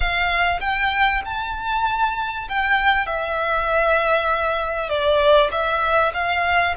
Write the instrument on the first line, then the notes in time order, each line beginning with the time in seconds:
violin
0.00 F5
0.60 G5
1.25 A5
2.49 G5
3.06 E5
4.89 D5
5.51 E5
6.13 F5